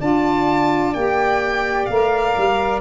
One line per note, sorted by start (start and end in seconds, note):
0.00 0.95 D4
0.00 0.94 F4
0.00 2.81 D5
0.00 0.94 A5
0.94 1.88 A#3
0.94 1.90 G4
0.94 1.86 G5
1.86 2.35 A3
1.86 2.81 A#4
1.86 2.79 F5
2.37 2.81 G3